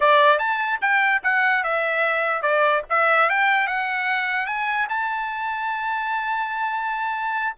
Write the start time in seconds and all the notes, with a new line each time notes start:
0.00 D5
0.38 A5
0.81 G5
1.23 F#5
1.63 E5
2.42 D5
2.89 E5
3.29 G5
3.67 F#5
4.46 G#5
4.89 A5